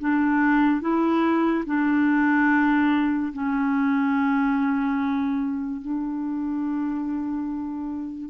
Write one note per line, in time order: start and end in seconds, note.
0.00 0.81 D4
0.81 1.65 E4
1.66 3.33 D4
3.34 5.82 C#4
5.82 8.30 D4